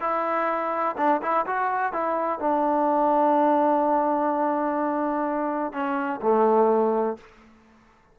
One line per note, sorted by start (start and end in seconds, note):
0.00 0.95 E4
0.97 1.21 D4
1.22 1.45 E4
1.46 1.93 F#4
1.93 2.39 E4
2.39 5.73 D4
5.73 6.20 C#4
6.22 7.17 A3